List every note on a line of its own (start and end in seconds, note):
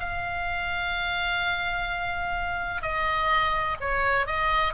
0.00 2.83 F5
2.83 3.77 D#5
3.81 4.27 C#5
4.27 4.74 D#5